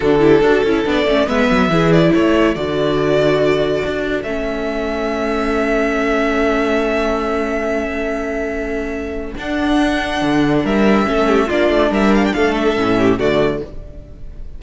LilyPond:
<<
  \new Staff \with { instrumentName = "violin" } { \time 4/4 \tempo 4 = 141 a'2 d''4 e''4~ | e''8 d''8 cis''4 d''2~ | d''2 e''2~ | e''1~ |
e''1~ | e''2 fis''2~ | fis''4 e''2 d''4 | e''8 f''16 g''16 f''8 e''4. d''4 | }
  \new Staff \with { instrumentName = "violin" } { \time 4/4 fis'8 g'8 a'2 b'4 | gis'4 a'2.~ | a'1~ | a'1~ |
a'1~ | a'1~ | a'4 ais'4 a'8 g'8 f'4 | ais'4 a'4. g'8 fis'4 | }
  \new Staff \with { instrumentName = "viola" } { \time 4/4 d'8 e'8 fis'8 e'8 d'8 cis'8 b4 | e'2 fis'2~ | fis'2 cis'2~ | cis'1~ |
cis'1~ | cis'2 d'2~ | d'2 cis'4 d'4~ | d'2 cis'4 a4 | }
  \new Staff \with { instrumentName = "cello" } { \time 4/4 d4 d'8 cis'8 b8 a8 gis8 fis8 | e4 a4 d2~ | d4 d'4 a2~ | a1~ |
a1~ | a2 d'2 | d4 g4 a4 ais8 a8 | g4 a4 a,4 d4 | }
>>